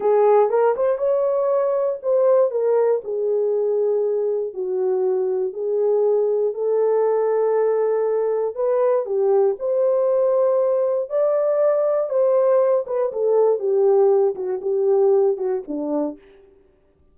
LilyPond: \new Staff \with { instrumentName = "horn" } { \time 4/4 \tempo 4 = 119 gis'4 ais'8 c''8 cis''2 | c''4 ais'4 gis'2~ | gis'4 fis'2 gis'4~ | gis'4 a'2.~ |
a'4 b'4 g'4 c''4~ | c''2 d''2 | c''4. b'8 a'4 g'4~ | g'8 fis'8 g'4. fis'8 d'4 | }